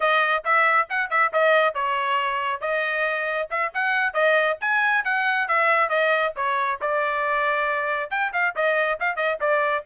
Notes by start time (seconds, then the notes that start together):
0.00 D#5
0.44 E5
0.89 F#5
1.10 E5
1.32 D#5
1.74 C#5
2.60 D#5
3.50 E5
3.73 F#5
4.13 D#5
4.60 G#5
5.04 F#5
5.48 E5
5.89 D#5
6.36 C#5
6.81 D5
8.10 G5
8.32 F5
8.55 D#5
8.99 F5
9.16 D#5
9.40 D5